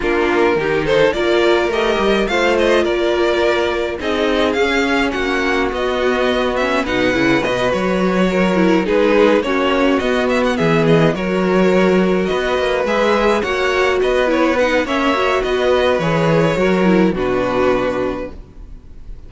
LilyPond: <<
  \new Staff \with { instrumentName = "violin" } { \time 4/4 \tempo 4 = 105 ais'4. c''8 d''4 dis''4 | f''8 dis''8 d''2 dis''4 | f''4 fis''4 dis''4. e''8 | fis''4 dis''8 cis''2 b'8~ |
b'8 cis''4 dis''8 e''16 fis''16 e''8 dis''8 cis''8~ | cis''4. dis''4 e''4 fis''8~ | fis''8 dis''8 cis''8 fis''8 e''4 dis''4 | cis''2 b'2 | }
  \new Staff \with { instrumentName = "violin" } { \time 4/4 f'4 g'8 a'8 ais'2 | c''4 ais'2 gis'4~ | gis'4 fis'2. | b'2~ b'8 ais'4 gis'8~ |
gis'8 fis'2 gis'4 ais'8~ | ais'4. b'2 cis''8~ | cis''8 b'4. cis''4 b'4~ | b'4 ais'4 fis'2 | }
  \new Staff \with { instrumentName = "viola" } { \time 4/4 d'4 dis'4 f'4 g'4 | f'2. dis'4 | cis'2 b4. cis'8 | dis'8 e'8 fis'2 e'8 dis'8~ |
dis'8 cis'4 b2 fis'8~ | fis'2~ fis'8 gis'4 fis'8~ | fis'4 e'8 dis'8 cis'8 fis'4. | gis'4 fis'8 e'8 d'2 | }
  \new Staff \with { instrumentName = "cello" } { \time 4/4 ais4 dis4 ais4 a8 g8 | a4 ais2 c'4 | cis'4 ais4 b2 | b,8 cis8 b,8 fis2 gis8~ |
gis8 ais4 b4 e4 fis8~ | fis4. b8 ais8 gis4 ais8~ | ais8 b4. ais4 b4 | e4 fis4 b,2 | }
>>